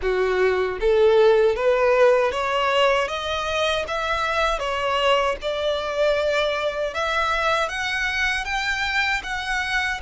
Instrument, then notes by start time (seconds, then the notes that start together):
violin
0.01 F#4
0.80 A4
1.55 B4
2.31 C#5
3.08 D#5
3.87 E5
4.59 C#5
5.41 D5
6.93 E5
7.69 F#5
8.44 G5
9.23 F#5